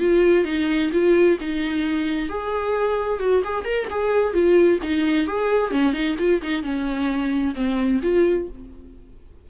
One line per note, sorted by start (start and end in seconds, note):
0.00 0.45 F4
0.45 0.91 D#4
0.93 1.38 F4
1.41 2.29 D#4
2.29 3.20 G#4
3.20 3.43 F#4
3.45 3.65 G#4
3.65 3.88 A#4
3.91 4.33 G#4
4.33 4.79 F4
4.83 5.27 D#4
5.27 5.71 G#4
5.71 5.93 C#4
5.93 6.16 D#4
6.19 6.42 F4
6.42 6.63 D#4
6.63 7.55 C#4
7.55 8.01 C4
8.03 8.49 F4